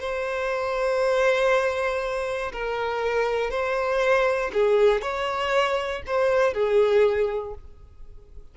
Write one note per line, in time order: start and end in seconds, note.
0.00 2.52 C5
2.53 3.51 A#4
3.51 4.51 C5
4.54 5.02 G#4
5.02 6.03 C#5
6.07 6.54 C5
6.54 7.55 G#4